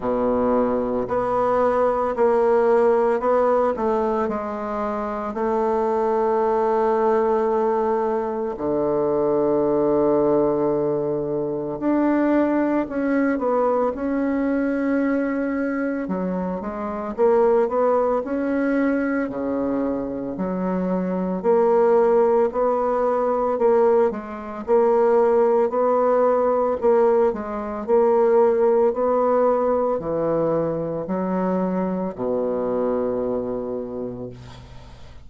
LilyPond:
\new Staff \with { instrumentName = "bassoon" } { \time 4/4 \tempo 4 = 56 b,4 b4 ais4 b8 a8 | gis4 a2. | d2. d'4 | cis'8 b8 cis'2 fis8 gis8 |
ais8 b8 cis'4 cis4 fis4 | ais4 b4 ais8 gis8 ais4 | b4 ais8 gis8 ais4 b4 | e4 fis4 b,2 | }